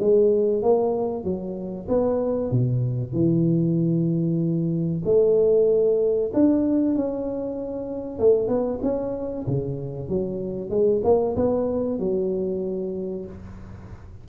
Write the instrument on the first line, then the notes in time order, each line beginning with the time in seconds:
tuba
0.00 G#3
0.63 A#3
1.24 F#3
1.89 B3
2.52 B2
3.13 E3
5.05 A3
6.34 D4
6.96 C#4
8.19 A3
8.48 B3
8.83 C#4
9.47 C#3
10.09 F#3
10.70 G#3
11.04 A#3
11.36 B3
11.99 F#3